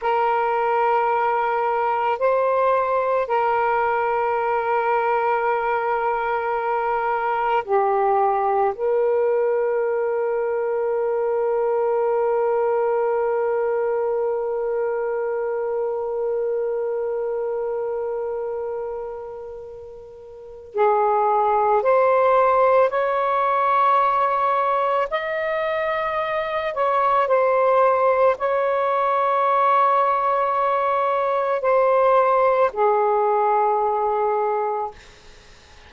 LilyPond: \new Staff \with { instrumentName = "saxophone" } { \time 4/4 \tempo 4 = 55 ais'2 c''4 ais'4~ | ais'2. g'4 | ais'1~ | ais'1~ |
ais'2. gis'4 | c''4 cis''2 dis''4~ | dis''8 cis''8 c''4 cis''2~ | cis''4 c''4 gis'2 | }